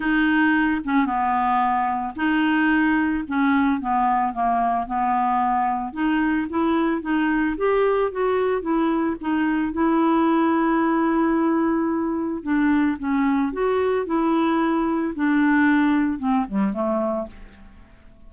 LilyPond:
\new Staff \with { instrumentName = "clarinet" } { \time 4/4 \tempo 4 = 111 dis'4. cis'8 b2 | dis'2 cis'4 b4 | ais4 b2 dis'4 | e'4 dis'4 g'4 fis'4 |
e'4 dis'4 e'2~ | e'2. d'4 | cis'4 fis'4 e'2 | d'2 c'8 g8 a4 | }